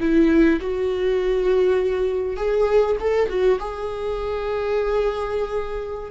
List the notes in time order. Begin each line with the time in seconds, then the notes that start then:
0.00 E4
0.60 F#4
2.37 G#4
3.00 A4
3.29 F#4
3.59 G#4